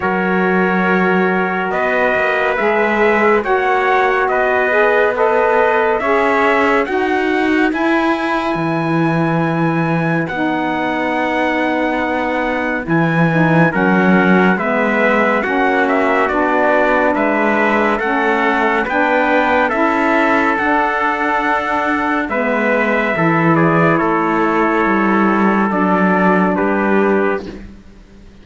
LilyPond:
<<
  \new Staff \with { instrumentName = "trumpet" } { \time 4/4 \tempo 4 = 70 cis''2 dis''4 e''4 | fis''4 dis''4 b'4 e''4 | fis''4 gis''2. | fis''2. gis''4 |
fis''4 e''4 fis''8 e''8 d''4 | e''4 fis''4 g''4 e''4 | fis''2 e''4. d''8 | cis''2 d''4 b'4 | }
  \new Staff \with { instrumentName = "trumpet" } { \time 4/4 ais'2 b'2 | cis''4 b'4 dis''4 cis''4 | b'1~ | b'1 |
ais'4 b'4 fis'2 | b'4 a'4 b'4 a'4~ | a'2 b'4 a'8 gis'8 | a'2. g'4 | }
  \new Staff \with { instrumentName = "saxophone" } { \time 4/4 fis'2. gis'4 | fis'4. gis'8 a'4 gis'4 | fis'4 e'2. | dis'2. e'8 dis'8 |
cis'4 b4 cis'4 d'4~ | d'4 cis'4 d'4 e'4 | d'2 b4 e'4~ | e'2 d'2 | }
  \new Staff \with { instrumentName = "cello" } { \time 4/4 fis2 b8 ais8 gis4 | ais4 b2 cis'4 | dis'4 e'4 e2 | b2. e4 |
fis4 gis4 ais4 b4 | gis4 a4 b4 cis'4 | d'2 gis4 e4 | a4 g4 fis4 g4 | }
>>